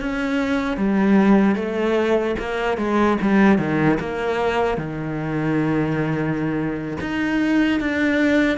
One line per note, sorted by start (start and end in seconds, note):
0.00 0.77 C#4
0.77 1.55 G3
1.55 2.35 A3
2.39 2.77 A#3
2.77 3.17 G#3
3.21 3.58 G3
3.58 3.98 D#3
4.00 4.77 A#3
4.77 6.97 D#3
7.00 7.80 D#4
7.80 8.57 D4